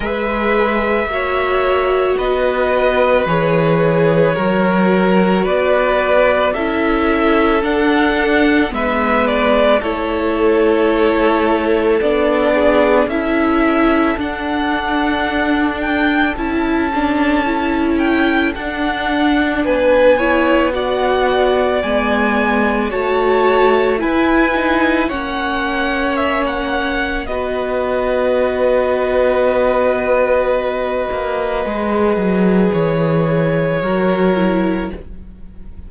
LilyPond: <<
  \new Staff \with { instrumentName = "violin" } { \time 4/4 \tempo 4 = 55 e''2 dis''4 cis''4~ | cis''4 d''4 e''4 fis''4 | e''8 d''8 cis''2 d''4 | e''4 fis''4. g''8 a''4~ |
a''8 g''8 fis''4 gis''4 fis''4 | gis''4 a''4 gis''4 fis''4 | e''16 fis''8. dis''2.~ | dis''2 cis''2 | }
  \new Staff \with { instrumentName = "violin" } { \time 4/4 b'4 cis''4 b'2 | ais'4 b'4 a'2 | b'4 a'2~ a'8 gis'8 | a'1~ |
a'2 b'8 cis''8 d''4~ | d''4 cis''4 b'4 cis''4~ | cis''4 b'2.~ | b'2. ais'4 | }
  \new Staff \with { instrumentName = "viola" } { \time 4/4 gis'4 fis'2 gis'4 | fis'2 e'4 d'4 | b4 e'2 d'4 | e'4 d'2 e'8 d'8 |
e'4 d'4. e'8 fis'4 | b4 fis'4 e'8 dis'8 cis'4~ | cis'4 fis'2.~ | fis'4 gis'2 fis'8 e'8 | }
  \new Staff \with { instrumentName = "cello" } { \time 4/4 gis4 ais4 b4 e4 | fis4 b4 cis'4 d'4 | gis4 a2 b4 | cis'4 d'2 cis'4~ |
cis'4 d'4 b2 | gis4 a4 e'4 ais4~ | ais4 b2.~ | b8 ais8 gis8 fis8 e4 fis4 | }
>>